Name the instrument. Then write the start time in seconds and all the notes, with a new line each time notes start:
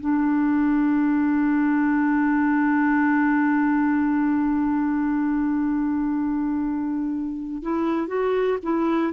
clarinet
0.00 D4
7.62 E4
8.07 F#4
8.63 E4